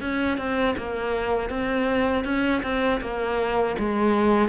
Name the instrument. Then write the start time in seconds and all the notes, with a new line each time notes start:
cello
0.00 C#4
0.38 C4
0.77 A#3
1.49 C4
2.24 C#4
2.62 C4
3.00 A#3
3.78 G#3